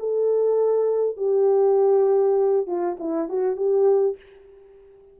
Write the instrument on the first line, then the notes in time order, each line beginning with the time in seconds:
horn
0.00 A4
1.17 G4
2.67 F4
3.00 E4
3.29 F#4
3.57 G4